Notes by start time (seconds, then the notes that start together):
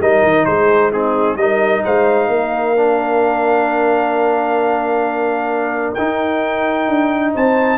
0.00 G3 D#4 A#4 D#5
0.23 D#3
0.45 G#3 G#4 C5
0.92 C4 D#4 G#4
1.36 G3 D#4 A#4 D#5
1.83 G#3 C5 F5
2.28 A#3 A#4
2.76 D4
5.94 D#4 G5
6.88 D4
7.34 C4 C5 A5